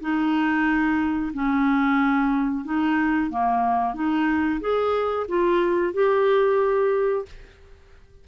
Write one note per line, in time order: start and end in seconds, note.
0.00 1.32 D#4
1.33 2.64 C#4
2.64 3.30 D#4
3.30 3.94 A#3
3.94 4.60 D#4
4.60 5.26 G#4
5.28 5.93 F4
5.93 7.25 G4